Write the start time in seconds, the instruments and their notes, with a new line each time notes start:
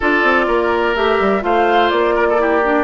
0.00 bassoon D4, clarinet F4, oboe A4, flute D5
0.23 bassoon C4
0.47 bassoon A#3, oboe A#4
0.95 bassoon A3, clarinet G4, flute E5
1.20 bassoon G3
1.41 bassoon A3, clarinet F4, oboe C5, flute F5
1.89 bassoon A#3, flute D5
2.14 oboe A#4
2.29 oboe A4
2.37 clarinet E4, oboe G4
2.63 clarinet D4